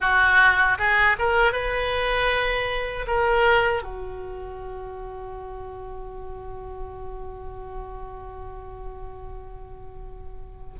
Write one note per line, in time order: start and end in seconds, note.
0.00 0.77 F#4
0.78 1.16 G#4
1.19 1.52 A#4
1.52 3.06 B4
3.07 3.83 A#4
3.83 10.75 F#4